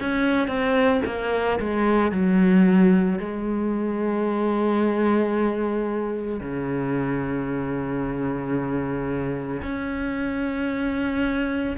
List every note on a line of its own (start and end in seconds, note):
0.00 0.47 C#4
0.47 1.01 C4
1.05 1.59 A#3
1.59 2.11 G#3
2.11 3.19 F#3
3.19 6.40 G#3
6.40 9.61 C#3
9.62 11.77 C#4